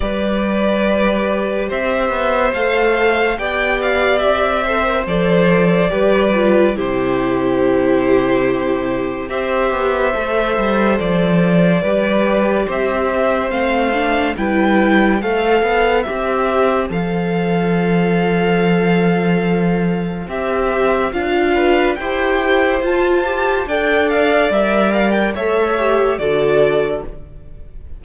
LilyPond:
<<
  \new Staff \with { instrumentName = "violin" } { \time 4/4 \tempo 4 = 71 d''2 e''4 f''4 | g''8 f''8 e''4 d''2 | c''2. e''4~ | e''4 d''2 e''4 |
f''4 g''4 f''4 e''4 | f''1 | e''4 f''4 g''4 a''4 | g''8 f''8 e''8 f''16 g''16 e''4 d''4 | }
  \new Staff \with { instrumentName = "violin" } { \time 4/4 b'2 c''2 | d''4. c''4. b'4 | g'2. c''4~ | c''2 b'4 c''4~ |
c''4 b'4 c''2~ | c''1~ | c''4. b'8 c''2 | d''2 cis''4 a'4 | }
  \new Staff \with { instrumentName = "viola" } { \time 4/4 g'2. a'4 | g'4. a'16 ais'16 a'4 g'8 f'8 | e'2. g'4 | a'2 g'2 |
c'8 d'8 e'4 a'4 g'4 | a'1 | g'4 f'4 g'4 f'8 g'8 | a'4 ais'4 a'8 g'8 fis'4 | }
  \new Staff \with { instrumentName = "cello" } { \time 4/4 g2 c'8 b8 a4 | b4 c'4 f4 g4 | c2. c'8 b8 | a8 g8 f4 g4 c'4 |
a4 g4 a8 b8 c'4 | f1 | c'4 d'4 e'4 f'4 | d'4 g4 a4 d4 | }
>>